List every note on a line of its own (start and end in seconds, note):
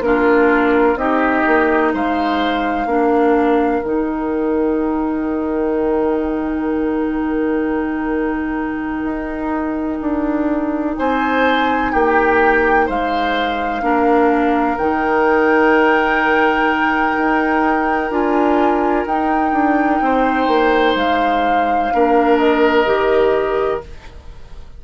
0.00 0.95 A#3
0.00 0.97 D4
0.00 0.98 F4
0.00 0.97 A#4
0.95 1.43 C4
0.95 2.87 D#4
0.95 1.93 G4
0.95 1.93 D#5
1.46 1.94 A#3
1.93 2.86 G#3
1.93 2.87 C5
1.93 3.84 F5
2.86 3.81 A#3
2.86 3.82 D4
2.86 10.96 A#4
3.83 9.04 D#3
3.83 13.82 D#4
3.83 10.97 G5
9.04 9.99 D#4
10.01 10.96 D4
10.97 11.94 C4
10.97 11.92 C5
10.97 11.92 G#5
11.92 12.89 A#3
11.92 12.86 G4
11.92 12.87 G5
12.86 13.82 G#3
12.86 13.81 C5
12.86 14.77 F5
13.82 14.77 A#3
13.82 14.77 D4
13.82 20.04 A#4
14.77 17.16 D#3
14.77 18.11 D#4
14.77 18.11 G5
17.17 18.10 D#4
18.10 19.05 D4
18.10 19.06 F4
18.10 19.06 G#5
19.06 19.52 D#4
19.06 21.93 D#4
19.06 20.96 G5
19.52 20.00 D4
20.00 20.47 C4
20.00 21.94 C5
20.47 20.95 A#3
20.95 21.90 G#3
20.95 22.38 F5
21.93 22.86 A#3
21.93 22.85 D4
21.93 23.84 A#4
22.38 23.81 D#5
22.85 23.82 D#3
22.85 23.81 G4